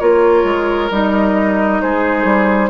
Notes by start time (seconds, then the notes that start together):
0.00 A#3 F4 A#4 C#5
0.44 G#3
0.91 G3 D#4 D#5
1.82 G#3 G#4 C5
2.25 G3